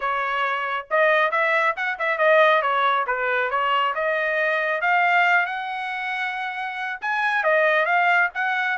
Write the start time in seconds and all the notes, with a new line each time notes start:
0.00 C#5
0.90 D#5
1.31 E5
1.76 F#5
1.98 E5
2.18 D#5
2.62 C#5
3.06 B4
3.50 C#5
3.94 D#5
4.81 F5
5.46 F#5
7.01 G#5
7.43 D#5
7.85 F5
8.34 F#5